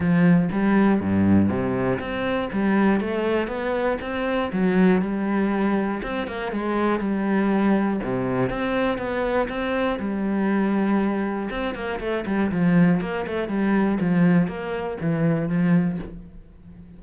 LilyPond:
\new Staff \with { instrumentName = "cello" } { \time 4/4 \tempo 4 = 120 f4 g4 g,4 c4 | c'4 g4 a4 b4 | c'4 fis4 g2 | c'8 ais8 gis4 g2 |
c4 c'4 b4 c'4 | g2. c'8 ais8 | a8 g8 f4 ais8 a8 g4 | f4 ais4 e4 f4 | }